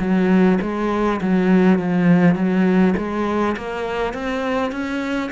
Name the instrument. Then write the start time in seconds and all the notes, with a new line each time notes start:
cello
0.00 F#3
0.62 G#3
1.21 F#3
1.79 F3
2.36 F#3
2.97 G#3
3.57 A#3
4.14 C4
4.72 C#4